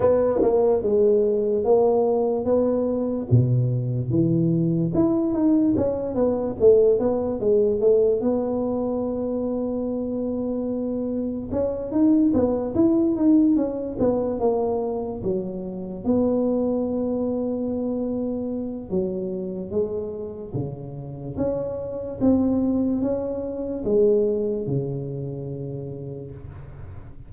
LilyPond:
\new Staff \with { instrumentName = "tuba" } { \time 4/4 \tempo 4 = 73 b8 ais8 gis4 ais4 b4 | b,4 e4 e'8 dis'8 cis'8 b8 | a8 b8 gis8 a8 b2~ | b2 cis'8 dis'8 b8 e'8 |
dis'8 cis'8 b8 ais4 fis4 b8~ | b2. fis4 | gis4 cis4 cis'4 c'4 | cis'4 gis4 cis2 | }